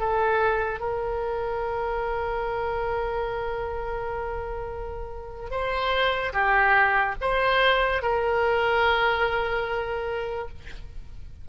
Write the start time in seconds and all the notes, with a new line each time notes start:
0.00 A4
0.80 A#4
5.51 C5
6.33 G4
7.21 C5
8.02 A#4